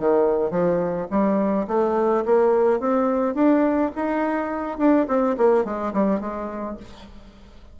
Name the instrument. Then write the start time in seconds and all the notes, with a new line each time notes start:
bassoon
0.00 D#3
0.51 F3
1.11 G3
1.68 A3
2.26 A#3
2.80 C4
3.35 D4
3.96 D#4
4.79 D4
5.08 C4
5.38 A#3
5.65 G#3
5.94 G3
6.21 G#3